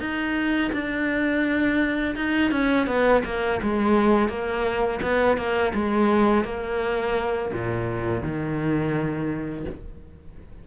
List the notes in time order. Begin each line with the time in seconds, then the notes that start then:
0.00 D#4
0.72 D4
2.16 D#4
2.51 C#4
2.87 B3
3.25 A#3
3.63 G#3
4.29 A#3
5.02 B3
5.37 A#3
5.74 G#3
6.45 A#3
7.53 A#2
8.22 D#3